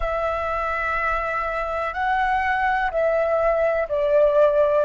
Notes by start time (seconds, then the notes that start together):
0.00 E5
1.94 F#5
2.90 E5
3.88 D5